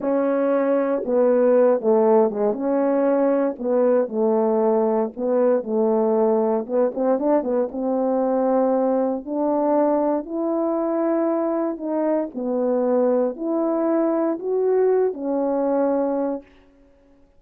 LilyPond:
\new Staff \with { instrumentName = "horn" } { \time 4/4 \tempo 4 = 117 cis'2 b4. a8~ | a8 gis8 cis'2 b4 | a2 b4 a4~ | a4 b8 c'8 d'8 b8 c'4~ |
c'2 d'2 | e'2. dis'4 | b2 e'2 | fis'4. cis'2~ cis'8 | }